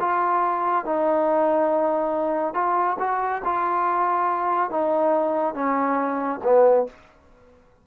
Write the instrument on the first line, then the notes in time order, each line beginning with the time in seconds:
trombone
0.00 F4
0.85 D#4
2.54 F4
2.99 F#4
3.44 F4
4.70 D#4
5.54 C#4
6.43 B3